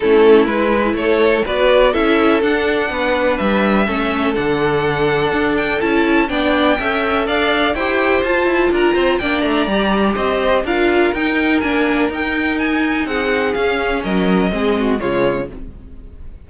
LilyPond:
<<
  \new Staff \with { instrumentName = "violin" } { \time 4/4 \tempo 4 = 124 a'4 b'4 cis''4 d''4 | e''4 fis''2 e''4~ | e''4 fis''2~ fis''8 g''8 | a''4 g''2 f''4 |
g''4 a''4 ais''4 g''8 ais''8~ | ais''4 dis''4 f''4 g''4 | gis''4 g''4 gis''4 fis''4 | f''4 dis''2 cis''4 | }
  \new Staff \with { instrumentName = "violin" } { \time 4/4 e'2 a'4 b'4 | a'2 b'2 | a'1~ | a'4 d''4 e''4 d''4 |
c''2 ais'8 c''8 d''4~ | d''4 c''4 ais'2~ | ais'2. gis'4~ | gis'4 ais'4 gis'8 fis'8 f'4 | }
  \new Staff \with { instrumentName = "viola" } { \time 4/4 cis'4 e'2 fis'4 | e'4 d'2. | cis'4 d'2. | e'4 d'4 a'2 |
g'4 f'2 d'4 | g'2 f'4 dis'4 | d'4 dis'2. | cis'2 c'4 gis4 | }
  \new Staff \with { instrumentName = "cello" } { \time 4/4 a4 gis4 a4 b4 | cis'4 d'4 b4 g4 | a4 d2 d'4 | cis'4 b4 cis'4 d'4 |
e'4 f'8 e'8 d'8 c'8 ais8 a8 | g4 c'4 d'4 dis'4 | ais4 dis'2 c'4 | cis'4 fis4 gis4 cis4 | }
>>